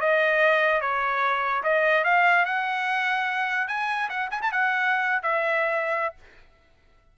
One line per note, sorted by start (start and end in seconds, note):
0.00 0.81 D#5
0.81 1.63 C#5
1.63 2.04 D#5
2.04 2.45 F5
2.45 3.68 F#5
3.68 4.09 G#5
4.09 4.30 F#5
4.30 4.41 G#5
4.42 4.52 A5
4.52 5.22 F#5
5.22 6.15 E5